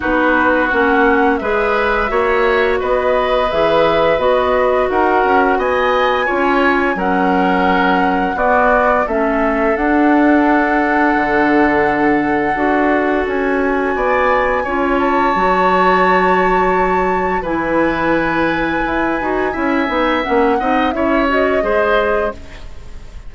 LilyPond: <<
  \new Staff \with { instrumentName = "flute" } { \time 4/4 \tempo 4 = 86 b'4 fis''4 e''2 | dis''4 e''4 dis''4 fis''4 | gis''2 fis''2 | d''4 e''4 fis''2~ |
fis''2. gis''4~ | gis''4. a''2~ a''8~ | a''4 gis''2.~ | gis''4 fis''4 e''8 dis''4. | }
  \new Staff \with { instrumentName = "oboe" } { \time 4/4 fis'2 b'4 cis''4 | b'2. ais'4 | dis''4 cis''4 ais'2 | fis'4 a'2.~ |
a'1 | d''4 cis''2.~ | cis''4 b'2. | e''4. dis''8 cis''4 c''4 | }
  \new Staff \with { instrumentName = "clarinet" } { \time 4/4 dis'4 cis'4 gis'4 fis'4~ | fis'4 gis'4 fis'2~ | fis'4 f'4 cis'2 | b4 cis'4 d'2~ |
d'2 fis'2~ | fis'4 f'4 fis'2~ | fis'4 e'2~ e'8 fis'8 | e'8 dis'8 cis'8 dis'8 e'8 fis'8 gis'4 | }
  \new Staff \with { instrumentName = "bassoon" } { \time 4/4 b4 ais4 gis4 ais4 | b4 e4 b4 dis'8 cis'8 | b4 cis'4 fis2 | b4 a4 d'2 |
d2 d'4 cis'4 | b4 cis'4 fis2~ | fis4 e2 e'8 dis'8 | cis'8 b8 ais8 c'8 cis'4 gis4 | }
>>